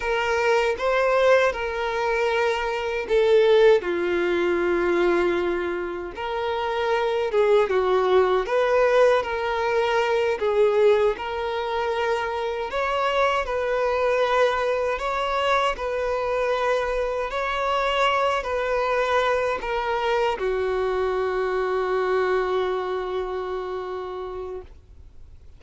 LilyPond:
\new Staff \with { instrumentName = "violin" } { \time 4/4 \tempo 4 = 78 ais'4 c''4 ais'2 | a'4 f'2. | ais'4. gis'8 fis'4 b'4 | ais'4. gis'4 ais'4.~ |
ais'8 cis''4 b'2 cis''8~ | cis''8 b'2 cis''4. | b'4. ais'4 fis'4.~ | fis'1 | }